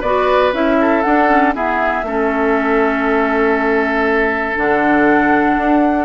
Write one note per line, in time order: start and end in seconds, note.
0.00 0.53 B3
0.00 0.53 F#4
0.00 0.76 B4
0.00 0.53 D5
0.53 1.03 C#4
0.53 1.03 E4
0.53 1.02 E5
0.81 1.55 A4
1.02 1.55 D4
1.02 1.28 D4
1.02 1.53 F#5
1.28 1.53 C#4
1.55 2.05 B3
1.55 2.03 E4
1.55 2.05 G#4
1.55 4.57 E5
2.03 4.55 A3
2.03 4.56 C#4
2.03 6.05 A4
4.56 5.57 D3
4.56 6.05 D4
4.56 6.05 F#5
5.57 6.05 D4